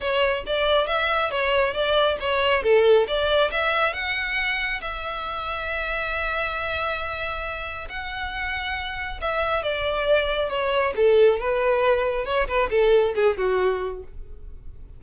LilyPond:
\new Staff \with { instrumentName = "violin" } { \time 4/4 \tempo 4 = 137 cis''4 d''4 e''4 cis''4 | d''4 cis''4 a'4 d''4 | e''4 fis''2 e''4~ | e''1~ |
e''2 fis''2~ | fis''4 e''4 d''2 | cis''4 a'4 b'2 | cis''8 b'8 a'4 gis'8 fis'4. | }